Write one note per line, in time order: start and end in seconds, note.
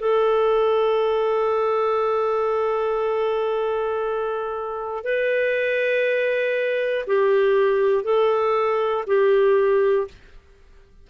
0.00 5.04 A4
5.04 7.06 B4
7.07 8.04 G4
8.04 9.05 A4
9.07 10.08 G4